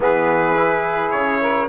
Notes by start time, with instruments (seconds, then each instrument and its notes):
0.00 bassoon E3, trombone B3, saxophone G#4, trumpet B4
0.55 trombone E4
1.10 bassoon C#3, trumpet C#5
1.40 saxophone A#4